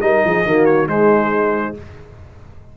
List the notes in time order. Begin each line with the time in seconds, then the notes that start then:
0.00 G3 D#4 A#4 D#5
0.24 F3 G#4
0.44 D#3 A#3 F#4
0.65 C#5
0.87 G#3 D#4 C5